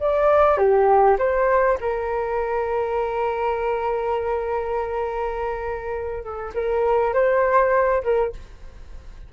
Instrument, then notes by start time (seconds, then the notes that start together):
flute
0.00 D5
0.58 G4
1.19 C5
1.81 A#4
6.24 A4
6.55 A#4
7.14 C5
8.04 A#4